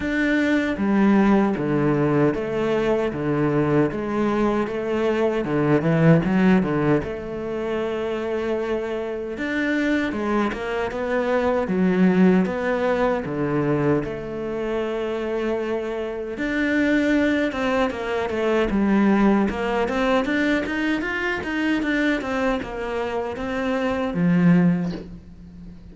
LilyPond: \new Staff \with { instrumentName = "cello" } { \time 4/4 \tempo 4 = 77 d'4 g4 d4 a4 | d4 gis4 a4 d8 e8 | fis8 d8 a2. | d'4 gis8 ais8 b4 fis4 |
b4 d4 a2~ | a4 d'4. c'8 ais8 a8 | g4 ais8 c'8 d'8 dis'8 f'8 dis'8 | d'8 c'8 ais4 c'4 f4 | }